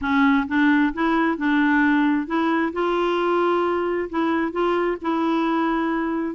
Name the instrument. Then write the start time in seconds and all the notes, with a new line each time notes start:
clarinet
0.01 C#4
0.47 D4
0.93 E4
1.37 D4
2.26 E4
2.72 F4
4.09 E4
4.51 F4
5.01 E4